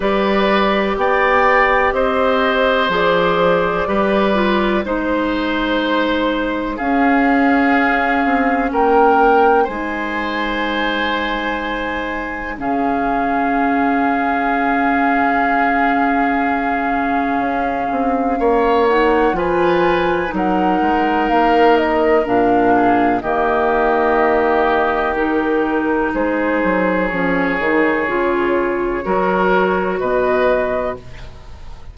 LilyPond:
<<
  \new Staff \with { instrumentName = "flute" } { \time 4/4 \tempo 4 = 62 d''4 g''4 dis''4 d''4~ | d''4 c''2 f''4~ | f''4 g''4 gis''2~ | gis''4 f''2.~ |
f''2.~ f''8 fis''8 | gis''4 fis''4 f''8 dis''8 f''4 | dis''2 ais'4 c''4 | cis''2. dis''4 | }
  \new Staff \with { instrumentName = "oboe" } { \time 4/4 b'4 d''4 c''2 | b'4 c''2 gis'4~ | gis'4 ais'4 c''2~ | c''4 gis'2.~ |
gis'2. cis''4 | b'4 ais'2~ ais'8 gis'8 | g'2. gis'4~ | gis'2 ais'4 b'4 | }
  \new Staff \with { instrumentName = "clarinet" } { \time 4/4 g'2. gis'4 | g'8 f'8 dis'2 cis'4~ | cis'2 dis'2~ | dis'4 cis'2.~ |
cis'2.~ cis'8 dis'8 | f'4 dis'2 d'4 | ais2 dis'2 | cis'8 dis'8 f'4 fis'2 | }
  \new Staff \with { instrumentName = "bassoon" } { \time 4/4 g4 b4 c'4 f4 | g4 gis2 cis'4~ | cis'8 c'8 ais4 gis2~ | gis4 cis2.~ |
cis2 cis'8 c'8 ais4 | f4 fis8 gis8 ais4 ais,4 | dis2. gis8 fis8 | f8 dis8 cis4 fis4 b,4 | }
>>